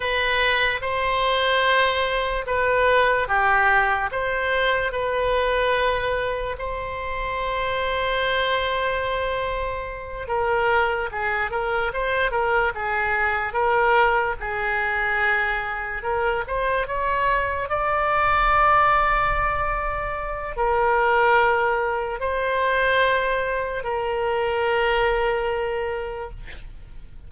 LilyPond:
\new Staff \with { instrumentName = "oboe" } { \time 4/4 \tempo 4 = 73 b'4 c''2 b'4 | g'4 c''4 b'2 | c''1~ | c''8 ais'4 gis'8 ais'8 c''8 ais'8 gis'8~ |
gis'8 ais'4 gis'2 ais'8 | c''8 cis''4 d''2~ d''8~ | d''4 ais'2 c''4~ | c''4 ais'2. | }